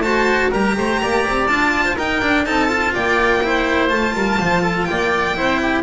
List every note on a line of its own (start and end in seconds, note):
0.00 0.48 A3
0.00 0.52 F#4
0.00 0.51 C5
0.00 0.50 A5
0.51 0.77 G3
0.51 1.49 G4
0.51 0.75 A#4
0.51 1.47 A#5
0.77 1.02 A3
0.77 1.02 C5
1.02 1.27 A#3
1.02 1.85 D5
1.27 1.48 C4
1.47 1.96 D4
1.47 1.97 F4
1.47 1.96 A5
1.85 1.96 C5
1.96 2.22 D#4
1.96 2.44 A#4
1.96 2.46 G5
2.22 2.46 D4
2.22 2.47 D4
2.46 2.95 C4
2.46 2.69 D#4
2.46 2.94 A4
2.46 2.94 A5
2.69 3.41 F4
2.94 3.92 A#3
2.94 3.42 D5
2.94 3.89 G5
3.44 3.90 E4
3.44 4.15 C5
3.89 4.15 A3
3.89 5.35 F4
3.89 4.85 A5
4.15 4.39 G3
4.15 4.40 A#4
4.40 4.89 F3
4.40 4.62 C5
4.62 4.87 A4
4.85 5.37 A#3
4.85 5.37 D5
4.85 5.81 G5
5.35 5.83 C4
5.35 5.83 E4
5.35 5.61 C5
5.62 5.83 G4